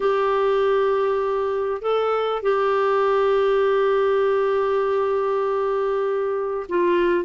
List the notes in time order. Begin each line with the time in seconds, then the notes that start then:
0.00 G4
1.81 A4
2.42 G4
6.69 F4